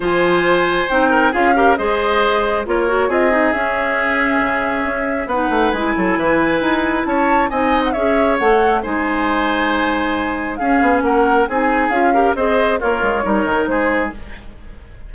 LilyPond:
<<
  \new Staff \with { instrumentName = "flute" } { \time 4/4 \tempo 4 = 136 gis''2 g''4 f''4 | dis''2 cis''4 dis''4 | e''1 | fis''4 gis''2. |
a''4 gis''8. fis''16 e''4 fis''4 | gis''1 | f''4 fis''4 gis''4 f''4 | dis''4 cis''2 c''4 | }
  \new Staff \with { instrumentName = "oboe" } { \time 4/4 c''2~ c''8 ais'8 gis'8 ais'8 | c''2 ais'4 gis'4~ | gis'1 | b'4. a'8 b'2 |
cis''4 dis''4 cis''2 | c''1 | gis'4 ais'4 gis'4. ais'8 | c''4 f'4 ais'4 gis'4 | }
  \new Staff \with { instrumentName = "clarinet" } { \time 4/4 f'2 dis'4 f'8 g'8 | gis'2 f'8 fis'8 f'8 dis'8 | cis'1 | dis'4 e'2.~ |
e'4 dis'4 gis'4 a'4 | dis'1 | cis'2 dis'4 f'8 g'8 | gis'4 ais'4 dis'2 | }
  \new Staff \with { instrumentName = "bassoon" } { \time 4/4 f2 c'4 cis'4 | gis2 ais4 c'4 | cis'2 cis4 cis'4 | b8 a8 gis8 fis8 e4 dis'4 |
cis'4 c'4 cis'4 a4 | gis1 | cis'8 b8 ais4 c'4 cis'4 | c'4 ais8 gis8 g8 dis8 gis4 | }
>>